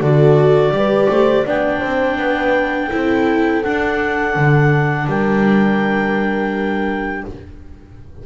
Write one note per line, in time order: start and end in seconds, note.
0.00 0.71 D3
0.00 0.72 F#4
0.00 0.73 A4
0.00 1.47 D5
0.71 1.07 G3
0.71 1.44 G4
0.71 1.10 B4
1.09 1.45 A3
1.09 1.46 C5
1.45 1.81 B3
1.45 2.90 D4
1.45 1.80 D5
1.45 3.63 G5
1.80 2.17 C4
1.80 2.16 C5
2.17 2.89 B3
2.17 2.89 B4
2.90 3.64 C4
2.90 3.62 E4
2.90 5.07 A4
3.63 7.26 D4
3.63 4.36 D4
3.63 5.08 F#5
4.36 5.07 D3
5.07 7.23 G3
5.07 7.24 A#4
5.07 7.25 G5